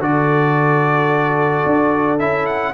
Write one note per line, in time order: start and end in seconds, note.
0.00 1.64 D3
0.00 2.19 F#4
0.00 2.73 A4
0.00 2.19 D5
1.66 2.20 D4
2.19 2.74 C#4
2.19 2.74 E4
2.19 2.46 E5
2.46 2.73 F#5